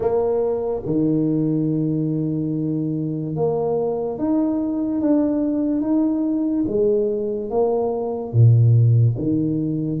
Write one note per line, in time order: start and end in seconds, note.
0.00 0.82 A#3
0.85 3.35 D#3
3.35 4.18 A#3
4.18 5.01 D#4
5.01 5.81 D4
5.81 6.64 D#4
6.67 7.50 G#3
7.50 8.32 A#3
8.32 9.16 A#2
9.17 10.00 D#3